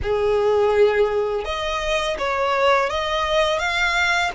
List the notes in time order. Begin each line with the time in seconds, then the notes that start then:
0.02 G#4
1.44 D#5
2.18 C#5
2.89 D#5
3.58 F5